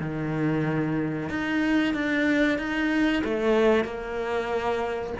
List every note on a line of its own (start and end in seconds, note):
0.00 1.29 D#3
1.29 1.94 D#4
1.94 2.58 D4
2.58 3.23 D#4
3.24 3.84 A3
3.84 5.13 A#3